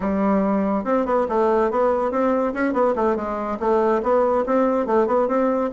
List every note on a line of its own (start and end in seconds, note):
0.00 0.84 G3
0.84 1.05 C4
1.05 1.26 B3
1.28 1.71 A3
1.71 2.11 B3
2.11 2.53 C4
2.53 2.73 C#4
2.73 2.94 B3
2.95 3.16 A3
3.16 3.58 G#3
3.59 4.01 A3
4.02 4.44 B3
4.46 4.86 C4
4.86 5.06 A3
5.06 5.27 B3
5.28 5.70 C4